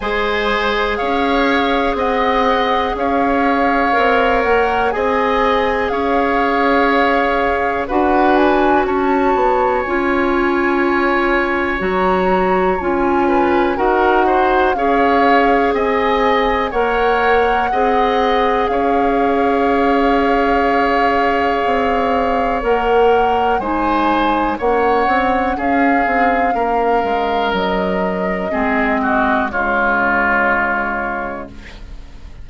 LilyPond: <<
  \new Staff \with { instrumentName = "flute" } { \time 4/4 \tempo 4 = 61 gis''4 f''4 fis''4 f''4~ | f''8 fis''8 gis''4 f''2 | fis''8 gis''8 a''4 gis''2 | ais''4 gis''4 fis''4 f''4 |
gis''4 fis''2 f''4~ | f''2. fis''4 | gis''4 fis''4 f''2 | dis''2 cis''2 | }
  \new Staff \with { instrumentName = "oboe" } { \time 4/4 c''4 cis''4 dis''4 cis''4~ | cis''4 dis''4 cis''2 | b'4 cis''2.~ | cis''4. b'8 ais'8 c''8 cis''4 |
dis''4 cis''4 dis''4 cis''4~ | cis''1 | c''4 cis''4 gis'4 ais'4~ | ais'4 gis'8 fis'8 f'2 | }
  \new Staff \with { instrumentName = "clarinet" } { \time 4/4 gis'1 | ais'4 gis'2. | fis'2 f'2 | fis'4 f'4 fis'4 gis'4~ |
gis'4 ais'4 gis'2~ | gis'2. ais'4 | dis'4 cis'2.~ | cis'4 c'4 gis2 | }
  \new Staff \with { instrumentName = "bassoon" } { \time 4/4 gis4 cis'4 c'4 cis'4 | c'8 ais8 c'4 cis'2 | d'4 cis'8 b8 cis'2 | fis4 cis'4 dis'4 cis'4 |
c'4 ais4 c'4 cis'4~ | cis'2 c'4 ais4 | gis4 ais8 c'8 cis'8 c'8 ais8 gis8 | fis4 gis4 cis2 | }
>>